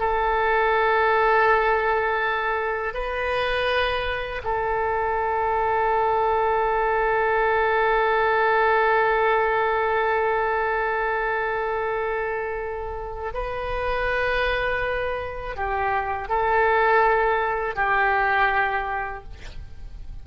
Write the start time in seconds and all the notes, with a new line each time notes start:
0.00 A4
2.94 B4
4.44 A4
13.34 B4
15.57 G4
16.29 A4
17.76 G4